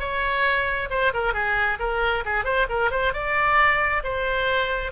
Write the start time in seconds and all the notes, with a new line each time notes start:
0.00 C#5
0.91 C5
1.14 A#4
1.34 G#4
1.80 A#4
2.26 G#4
2.45 C5
2.70 A#4
2.91 C5
3.14 D5
4.04 C5